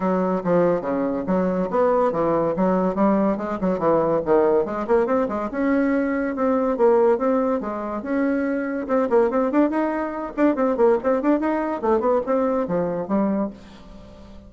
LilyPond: \new Staff \with { instrumentName = "bassoon" } { \time 4/4 \tempo 4 = 142 fis4 f4 cis4 fis4 | b4 e4 fis4 g4 | gis8 fis8 e4 dis4 gis8 ais8 | c'8 gis8 cis'2 c'4 |
ais4 c'4 gis4 cis'4~ | cis'4 c'8 ais8 c'8 d'8 dis'4~ | dis'8 d'8 c'8 ais8 c'8 d'8 dis'4 | a8 b8 c'4 f4 g4 | }